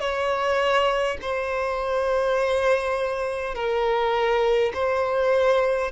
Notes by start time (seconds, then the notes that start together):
0.00 C#5
1.22 C5
3.55 A#4
4.74 C5